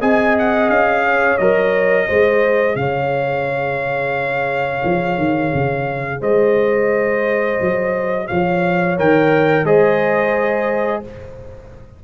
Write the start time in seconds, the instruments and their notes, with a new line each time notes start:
0.00 tuba C4, trombone G#4, horn D#5, trumpet G#5
0.38 trumpet F#5
0.69 tuba C#4, trumpet F5
1.04 horn C#5
1.37 tuba F#3, trombone A#4, trumpet D#5
2.07 tuba G#3, trombone G#4, horn C5
2.75 tuba C#3, horn C#5, trumpet F5
4.84 tuba F3
5.17 tuba D#3
5.54 tuba C#3
6.20 tuba G#3, horn C5, trumpet D#5
7.61 tuba F#3
8.27 tuba F3, horn C#5, trumpet F5
8.97 tuba D#3, trombone A#4, trumpet G5
9.64 tuba G#3, trombone G#4, horn C5, trumpet D#5